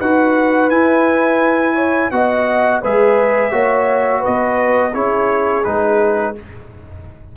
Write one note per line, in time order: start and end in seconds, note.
0.00 0.70 D#4
0.00 0.71 F#4
0.00 1.76 B4
0.00 0.70 F#5
0.70 2.11 E4
0.70 2.12 E4
0.70 2.11 G#5
1.76 2.11 C#5
2.11 2.83 B3
2.11 2.83 F#4
2.11 2.82 D#5
2.11 2.82 F#5
2.82 3.52 G#3
2.82 3.52 G#4
2.82 3.52 B4
2.82 4.25 E5
3.52 4.23 A#3
3.52 4.93 F#4
3.52 4.20 C#5
4.20 4.90 B4
4.20 4.94 D#5
4.27 4.95 B3
4.93 5.65 C#4
4.93 5.65 E4
4.93 6.35 G#4
4.93 5.65 C#5
5.65 6.37 G#3
5.65 6.36 D#4
5.65 6.35 B4